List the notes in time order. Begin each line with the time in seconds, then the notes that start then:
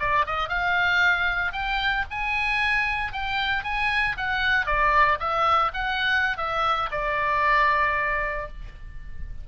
0.00 D5
0.27 D#5
0.49 F5
1.53 G5
2.11 G#5
3.13 G5
3.64 G#5
4.17 F#5
4.67 D5
5.20 E5
5.74 F#5
6.38 E5
6.92 D5